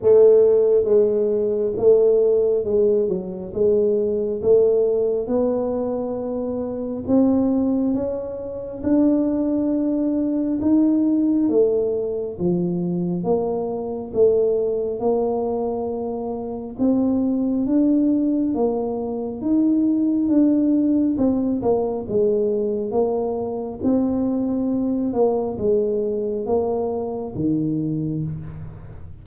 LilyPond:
\new Staff \with { instrumentName = "tuba" } { \time 4/4 \tempo 4 = 68 a4 gis4 a4 gis8 fis8 | gis4 a4 b2 | c'4 cis'4 d'2 | dis'4 a4 f4 ais4 |
a4 ais2 c'4 | d'4 ais4 dis'4 d'4 | c'8 ais8 gis4 ais4 c'4~ | c'8 ais8 gis4 ais4 dis4 | }